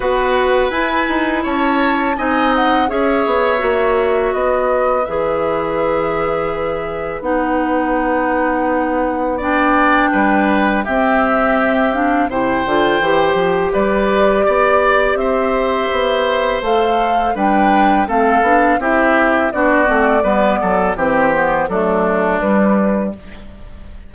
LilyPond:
<<
  \new Staff \with { instrumentName = "flute" } { \time 4/4 \tempo 4 = 83 fis''4 gis''4 a''4 gis''8 fis''8 | e''2 dis''4 e''4~ | e''2 fis''2~ | fis''4 g''2 e''4~ |
e''8 f''8 g''2 d''4~ | d''4 e''2 f''4 | g''4 f''4 e''4 d''4~ | d''4 c''4 a'4 b'4 | }
  \new Staff \with { instrumentName = "oboe" } { \time 4/4 b'2 cis''4 dis''4 | cis''2 b'2~ | b'1~ | b'4 d''4 b'4 g'4~ |
g'4 c''2 b'4 | d''4 c''2. | b'4 a'4 g'4 fis'4 | b'8 a'8 g'4 d'2 | }
  \new Staff \with { instrumentName = "clarinet" } { \time 4/4 fis'4 e'2 dis'4 | gis'4 fis'2 gis'4~ | gis'2 dis'2~ | dis'4 d'2 c'4~ |
c'8 d'8 e'8 f'8 g'2~ | g'2. a'4 | d'4 c'8 d'8 e'4 d'8 c'8 | b4 c'8 b8 a4 g4 | }
  \new Staff \with { instrumentName = "bassoon" } { \time 4/4 b4 e'8 dis'8 cis'4 c'4 | cis'8 b8 ais4 b4 e4~ | e2 b2~ | b2 g4 c'4~ |
c'4 c8 d8 e8 f8 g4 | b4 c'4 b4 a4 | g4 a8 b8 c'4 b8 a8 | g8 fis8 e4 fis4 g4 | }
>>